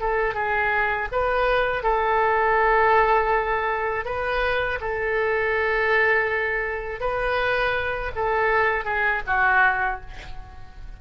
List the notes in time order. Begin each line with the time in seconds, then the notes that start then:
0.00 A4
0.34 G#4
1.11 B4
1.82 A4
4.05 B4
4.80 A4
7.00 B4
8.15 A4
8.85 G#4
9.26 F#4